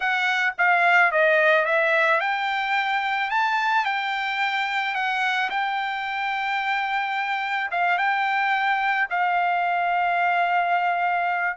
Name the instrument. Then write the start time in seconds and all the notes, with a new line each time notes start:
trumpet
0.00 F#5
0.58 F5
1.11 D#5
1.65 E5
2.20 G5
3.30 A5
3.85 G5
4.94 F#5
5.50 G5
7.71 F5
7.98 G5
9.10 F5